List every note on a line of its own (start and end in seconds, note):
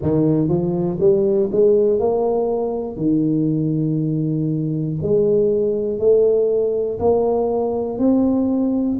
0.01 0.48 D#3
0.48 0.98 F3
1.00 1.50 G3
1.51 1.99 G#3
1.99 2.96 A#3
2.96 4.96 D#3
5.02 5.98 G#3
5.98 6.98 A3
6.99 7.98 A#3
7.98 8.98 C4